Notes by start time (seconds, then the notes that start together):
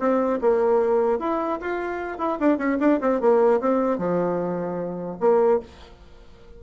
0.00 C4
0.41 A#3
1.19 E4
1.61 F4
2.19 E4
2.40 D4
2.59 C#4
2.80 D4
3.01 C4
3.21 A#3
3.61 C4
3.98 F3
5.20 A#3